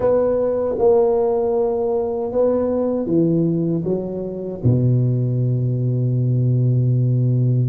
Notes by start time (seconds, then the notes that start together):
0.00 B3
0.78 A#3
2.32 B3
3.06 E3
3.84 F#3
4.63 B2